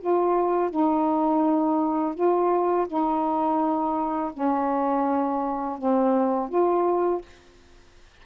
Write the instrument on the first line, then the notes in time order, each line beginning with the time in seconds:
saxophone
0.00 F4
0.70 D#4
2.15 F4
2.87 D#4
4.33 C#4
5.78 C4
6.49 F4